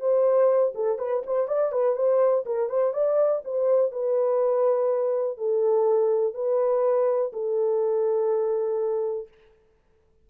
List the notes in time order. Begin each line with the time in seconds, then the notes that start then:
0.00 C5
0.75 A4
0.98 B4
1.26 C5
1.48 D5
1.72 B4
1.96 C5
2.46 A#4
2.69 C5
2.93 D5
3.44 C5
3.91 B4
5.37 A4
6.34 B4
7.33 A4